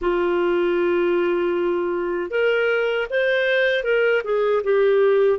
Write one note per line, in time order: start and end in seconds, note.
0.01 2.30 F4
2.30 3.07 A#4
3.10 3.83 C5
3.83 4.22 A#4
4.23 4.62 G#4
4.63 5.39 G4